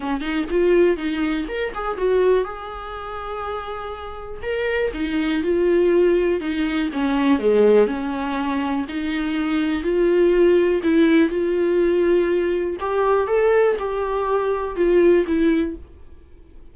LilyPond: \new Staff \with { instrumentName = "viola" } { \time 4/4 \tempo 4 = 122 cis'8 dis'8 f'4 dis'4 ais'8 gis'8 | fis'4 gis'2.~ | gis'4 ais'4 dis'4 f'4~ | f'4 dis'4 cis'4 gis4 |
cis'2 dis'2 | f'2 e'4 f'4~ | f'2 g'4 a'4 | g'2 f'4 e'4 | }